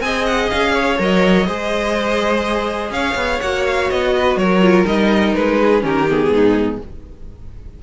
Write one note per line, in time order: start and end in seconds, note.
0.00 0.48 C4
0.00 0.98 G#4
0.00 0.74 D#5
0.00 0.26 G#5
0.26 0.50 F#5
0.50 0.99 C#4
0.50 0.99 F5
0.74 1.46 C#5
0.98 1.47 F#3
0.98 1.46 A#4
0.98 2.93 D#5
1.46 2.91 G#3
1.46 3.41 G#4
1.46 2.92 C5
2.91 3.15 C#4
2.91 4.14 C#5
2.91 3.41 F5
3.15 3.39 B3
3.41 3.91 A#3
3.41 4.62 F#4
3.41 3.65 F#5
3.67 3.91 F5
3.91 4.37 B3
3.91 4.38 D#5
4.16 4.39 B4
4.37 4.85 F#3
4.37 5.59 A#4
4.37 4.86 C#5
4.62 4.86 F4
4.86 5.35 G3
4.86 5.80 D#4
4.86 5.35 D#5
5.35 5.84 G#3
5.35 5.83 B4
5.59 5.84 G#4
5.80 6.30 D#3
5.80 6.05 C#4
5.80 6.32 G4
5.80 6.10 A#4
6.09 6.82 B3
6.09 6.83 G#4
6.30 6.78 G#2
6.30 6.83 D#4